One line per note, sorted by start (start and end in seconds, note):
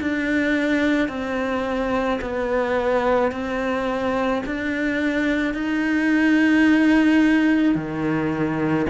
0.00 1.08 D4
1.08 2.19 C4
2.21 3.31 B3
3.31 4.42 C4
4.45 5.54 D4
5.54 7.75 D#4
7.75 8.86 D#3